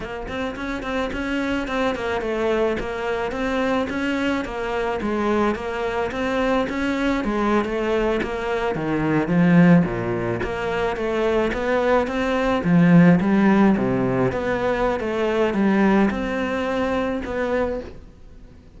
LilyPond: \new Staff \with { instrumentName = "cello" } { \time 4/4 \tempo 4 = 108 ais8 c'8 cis'8 c'8 cis'4 c'8 ais8 | a4 ais4 c'4 cis'4 | ais4 gis4 ais4 c'4 | cis'4 gis8. a4 ais4 dis16~ |
dis8. f4 ais,4 ais4 a16~ | a8. b4 c'4 f4 g16~ | g8. c4 b4~ b16 a4 | g4 c'2 b4 | }